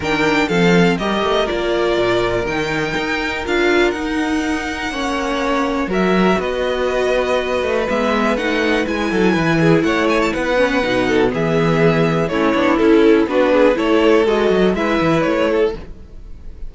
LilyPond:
<<
  \new Staff \with { instrumentName = "violin" } { \time 4/4 \tempo 4 = 122 g''4 f''4 dis''4 d''4~ | d''4 g''2 f''4 | fis''1 | e''4 dis''2. |
e''4 fis''4 gis''2 | fis''8 gis''16 a''16 fis''2 e''4~ | e''4 cis''4 a'4 b'4 | cis''4 dis''4 e''4 cis''4 | }
  \new Staff \with { instrumentName = "violin" } { \time 4/4 ais'4 a'4 ais'2~ | ais'1~ | ais'2 cis''2 | ais'4 b'2.~ |
b'2~ b'8 a'8 b'8 gis'8 | cis''4 b'4. a'8 gis'4~ | gis'4 e'2 fis'8 gis'8 | a'2 b'4. a'8 | }
  \new Staff \with { instrumentName = "viola" } { \time 4/4 d'4 c'4 g'4 f'4~ | f'4 dis'2 f'4 | dis'2 cis'2 | fis'1 |
b4 dis'4 e'2~ | e'4. cis'8 dis'4 b4~ | b4 cis'8 d'8 e'4 d'4 | e'4 fis'4 e'2 | }
  \new Staff \with { instrumentName = "cello" } { \time 4/4 dis4 f4 g8 a8 ais4 | ais,4 dis4 dis'4 d'4 | dis'2 ais2 | fis4 b2~ b8 a8 |
gis4 a4 gis8 fis8 e4 | a4 b4 b,4 e4~ | e4 a8 b8 cis'4 b4 | a4 gis8 fis8 gis8 e8 a4 | }
>>